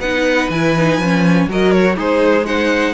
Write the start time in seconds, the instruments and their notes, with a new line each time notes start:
0.00 cello B3, viola D#4, violin B4 F#5
0.50 cello E3, viola E4, violin G#5
0.78 viola D#4
0.98 cello F3, viola C#4
1.48 cello F#3, viola F#4, violin A#4 D#5
1.72 violin C#5
1.97 cello G#3, violin D#4 C5, viola G#4
2.46 viola D#4, violin C5 F#5